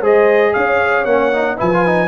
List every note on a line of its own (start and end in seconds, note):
0.00 0.53 G#3
0.00 1.06 G#4
0.00 0.52 C5
0.00 0.53 D#5
0.53 1.05 C#4
0.53 1.56 C#5
0.53 1.04 F5
1.04 1.57 A#3
1.04 1.32 C#4
1.04 1.56 F#5
1.33 1.57 D#4
1.56 2.07 F3
1.56 1.70 E4
1.56 2.07 B4
1.56 2.07 G#5
1.73 1.86 F4
1.86 2.07 D#4